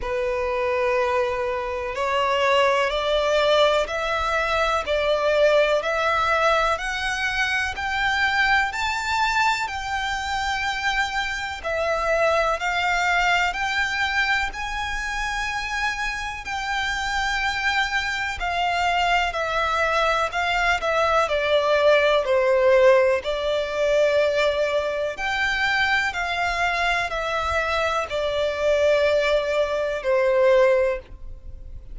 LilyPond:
\new Staff \with { instrumentName = "violin" } { \time 4/4 \tempo 4 = 62 b'2 cis''4 d''4 | e''4 d''4 e''4 fis''4 | g''4 a''4 g''2 | e''4 f''4 g''4 gis''4~ |
gis''4 g''2 f''4 | e''4 f''8 e''8 d''4 c''4 | d''2 g''4 f''4 | e''4 d''2 c''4 | }